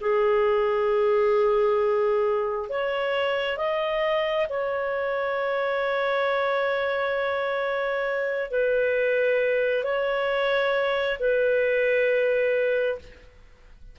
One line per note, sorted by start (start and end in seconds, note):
0.00 2.69 G#4
2.69 3.57 C#5
3.57 4.47 D#5
4.49 8.50 C#5
8.50 9.83 B4
9.83 11.17 C#5
11.19 12.98 B4